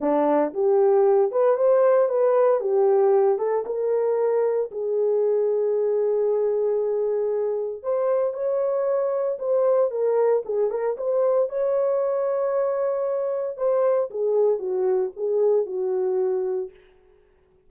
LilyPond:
\new Staff \with { instrumentName = "horn" } { \time 4/4 \tempo 4 = 115 d'4 g'4. b'8 c''4 | b'4 g'4. a'8 ais'4~ | ais'4 gis'2.~ | gis'2. c''4 |
cis''2 c''4 ais'4 | gis'8 ais'8 c''4 cis''2~ | cis''2 c''4 gis'4 | fis'4 gis'4 fis'2 | }